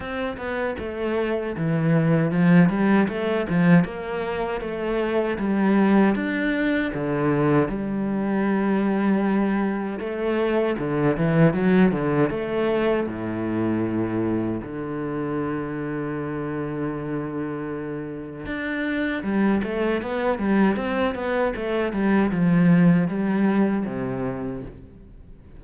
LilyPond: \new Staff \with { instrumentName = "cello" } { \time 4/4 \tempo 4 = 78 c'8 b8 a4 e4 f8 g8 | a8 f8 ais4 a4 g4 | d'4 d4 g2~ | g4 a4 d8 e8 fis8 d8 |
a4 a,2 d4~ | d1 | d'4 g8 a8 b8 g8 c'8 b8 | a8 g8 f4 g4 c4 | }